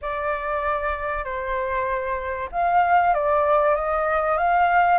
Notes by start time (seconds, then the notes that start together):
0.01 D5
1.24 C5
2.51 F5
3.14 D5
3.75 D#5
4.37 F5